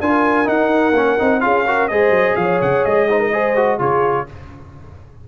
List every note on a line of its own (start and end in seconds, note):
0.00 0.48 D4
0.00 0.45 F4
0.00 1.43 A#4
0.00 0.48 G#5
0.45 0.92 D#4
0.45 1.40 F#5
0.92 1.16 A#3
0.92 1.19 C#4
1.19 1.44 C4
1.19 1.41 D#4
1.40 1.91 C#4
1.40 1.64 F4
1.40 1.66 G#4
1.40 1.88 F5
1.66 1.90 F#4
1.66 1.90 A#4
1.88 2.10 G#3
1.88 3.09 G#4
1.88 2.37 C5
1.88 2.36 D#5
2.10 2.34 F#3
2.36 2.61 F3
2.36 3.09 C#5
2.36 2.60 F5
2.61 2.85 C#3
2.61 2.85 F#5
2.85 3.80 G#3
2.85 3.80 D#5
3.09 3.33 D#4
3.09 3.20 C5
3.20 3.32 A#4
3.32 3.56 G#4
3.32 3.80 C5
3.56 3.79 F#4
3.79 4.27 C#3
3.79 4.26 F4
3.79 4.27 G#4
3.79 4.28 C#5